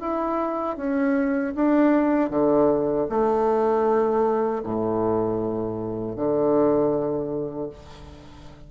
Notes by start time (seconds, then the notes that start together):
0.00 E4
0.77 C#4
1.55 D4
2.30 D3
3.09 A3
4.63 A2
6.16 D3